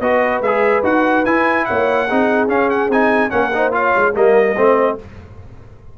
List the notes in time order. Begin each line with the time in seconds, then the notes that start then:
0.00 B3 F#4 B4 D#5
0.41 G#3 G#4 E5
0.83 D#4 F#4 F#5
1.25 E4 G#5
1.65 A#3 C#5 F#5
2.07 C4 D#4 G#4
2.48 C#4 F5
2.70 F#5
2.89 C4 D#4 G#5
3.30 A#3 C#4 A#4 F#5
3.54 D#4 C5
3.72 F4 C#5 F5
3.96 G#3
4.14 G3 A#3 A#4 D#5
4.55 A3 C4 C5